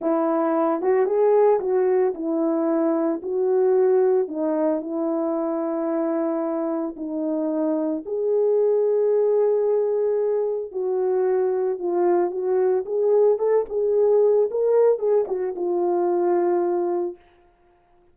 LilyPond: \new Staff \with { instrumentName = "horn" } { \time 4/4 \tempo 4 = 112 e'4. fis'8 gis'4 fis'4 | e'2 fis'2 | dis'4 e'2.~ | e'4 dis'2 gis'4~ |
gis'1 | fis'2 f'4 fis'4 | gis'4 a'8 gis'4. ais'4 | gis'8 fis'8 f'2. | }